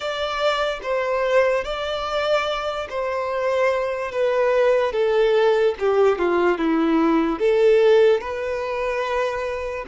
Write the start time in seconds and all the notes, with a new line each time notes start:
0.00 D5
0.82 C5
1.64 D5
2.89 C5
4.11 B4
4.92 A4
5.79 G4
6.18 F4
6.58 E4
7.39 A4
8.20 B4